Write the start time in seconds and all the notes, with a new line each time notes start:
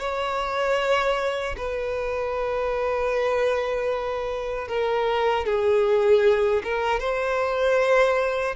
0.00 C#5
1.58 B4
4.68 A#4
5.46 G#4
6.64 A#4
7.00 C5